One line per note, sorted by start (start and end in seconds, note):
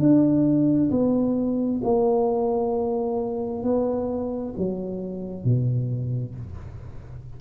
0.00 0.91 D4
0.91 1.82 B3
1.84 3.64 A#3
3.64 4.55 B3
4.58 5.45 F#3
5.45 6.36 B2